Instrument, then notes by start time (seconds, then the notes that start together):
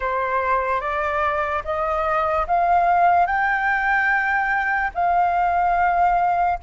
flute
0.00 C5
0.80 D5
1.64 D#5
2.47 F5
3.26 G5
4.94 F5